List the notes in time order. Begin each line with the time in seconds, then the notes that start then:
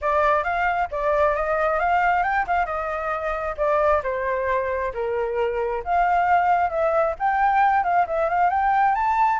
0.01 D5
0.43 F5
0.91 D5
1.35 D#5
1.79 F5
2.23 G5
2.47 F5
2.65 D#5
3.57 D5
4.03 C5
4.93 A#4
5.84 F5
6.69 E5
7.19 G5
7.83 F5
8.06 E5
8.29 F5
8.50 G5
8.94 A5